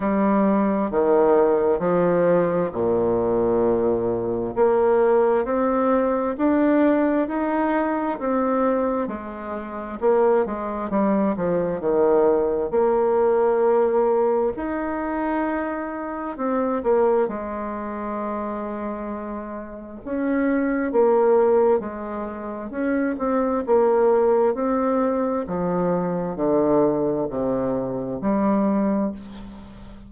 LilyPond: \new Staff \with { instrumentName = "bassoon" } { \time 4/4 \tempo 4 = 66 g4 dis4 f4 ais,4~ | ais,4 ais4 c'4 d'4 | dis'4 c'4 gis4 ais8 gis8 | g8 f8 dis4 ais2 |
dis'2 c'8 ais8 gis4~ | gis2 cis'4 ais4 | gis4 cis'8 c'8 ais4 c'4 | f4 d4 c4 g4 | }